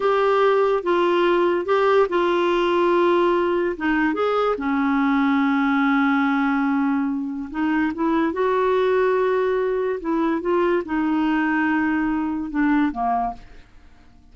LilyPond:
\new Staff \with { instrumentName = "clarinet" } { \time 4/4 \tempo 4 = 144 g'2 f'2 | g'4 f'2.~ | f'4 dis'4 gis'4 cis'4~ | cis'1~ |
cis'2 dis'4 e'4 | fis'1 | e'4 f'4 dis'2~ | dis'2 d'4 ais4 | }